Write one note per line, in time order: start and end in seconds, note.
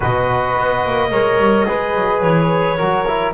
0.00 0.57 B2
0.00 1.10 F#4
0.00 1.10 B4
0.00 2.20 D#5
0.57 0.85 B3
0.85 1.11 A#3
1.11 1.37 G#3
1.11 1.66 A#4
1.11 1.66 C#5
1.37 1.65 G3
1.66 1.95 G#3
1.66 2.77 G#4
1.66 2.77 B4
1.95 2.22 F#3
2.20 2.78 E3
2.20 3.32 C#5
2.77 3.33 F#3
2.77 3.05 F#4
2.77 3.33 A#4
3.07 3.33 E4